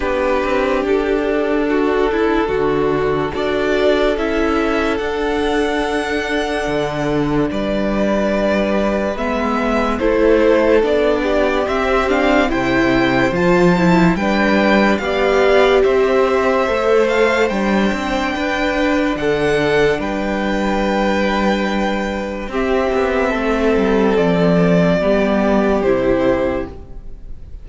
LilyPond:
<<
  \new Staff \with { instrumentName = "violin" } { \time 4/4 \tempo 4 = 72 b'4 a'2. | d''4 e''4 fis''2~ | fis''4 d''2 e''4 | c''4 d''4 e''8 f''8 g''4 |
a''4 g''4 f''4 e''4~ | e''8 f''8 g''2 fis''4 | g''2. e''4~ | e''4 d''2 c''4 | }
  \new Staff \with { instrumentName = "violin" } { \time 4/4 g'2 fis'8 e'8 fis'4 | a'1~ | a'4 b'2. | a'4. g'4. c''4~ |
c''4 b'4 d''4 c''4~ | c''2 b'4 a'4 | b'2. g'4 | a'2 g'2 | }
  \new Staff \with { instrumentName = "viola" } { \time 4/4 d'1 | fis'4 e'4 d'2~ | d'2. b4 | e'4 d'4 c'8 d'8 e'4 |
f'8 e'8 d'4 g'2 | a'4 d'2.~ | d'2. c'4~ | c'2 b4 e'4 | }
  \new Staff \with { instrumentName = "cello" } { \time 4/4 b8 c'8 d'2 d4 | d'4 cis'4 d'2 | d4 g2 gis4 | a4 b4 c'4 c4 |
f4 g4 b4 c'4 | a4 g8 c'8 d'4 d4 | g2. c'8 b8 | a8 g8 f4 g4 c4 | }
>>